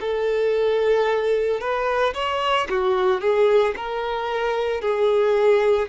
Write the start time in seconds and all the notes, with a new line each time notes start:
0.00 A4
1.60 B4
2.14 C#5
2.69 F#4
3.20 G#4
3.76 A#4
4.81 G#4